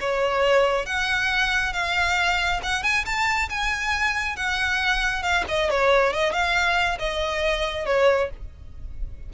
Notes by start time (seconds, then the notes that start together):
0.00 C#5
0.85 F#5
1.73 F5
2.63 F#5
2.83 G#5
3.05 A5
3.49 G#5
4.36 F#5
5.22 F5
5.48 D#5
5.70 C#5
6.13 D#5
6.32 F5
6.99 D#5
7.86 C#5